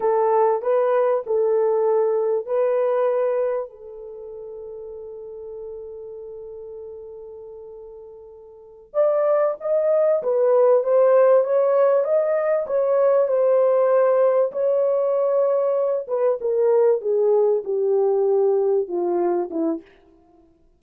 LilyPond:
\new Staff \with { instrumentName = "horn" } { \time 4/4 \tempo 4 = 97 a'4 b'4 a'2 | b'2 a'2~ | a'1~ | a'2~ a'8 d''4 dis''8~ |
dis''8 b'4 c''4 cis''4 dis''8~ | dis''8 cis''4 c''2 cis''8~ | cis''2 b'8 ais'4 gis'8~ | gis'8 g'2 f'4 e'8 | }